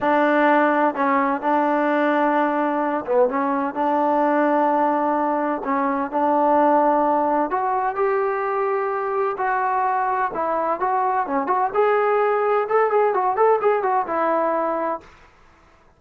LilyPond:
\new Staff \with { instrumentName = "trombone" } { \time 4/4 \tempo 4 = 128 d'2 cis'4 d'4~ | d'2~ d'8 b8 cis'4 | d'1 | cis'4 d'2. |
fis'4 g'2. | fis'2 e'4 fis'4 | cis'8 fis'8 gis'2 a'8 gis'8 | fis'8 a'8 gis'8 fis'8 e'2 | }